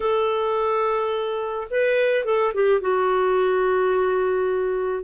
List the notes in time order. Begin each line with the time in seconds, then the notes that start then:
0.00 A4
1.70 B4
2.24 A4
2.54 G4
2.80 F#4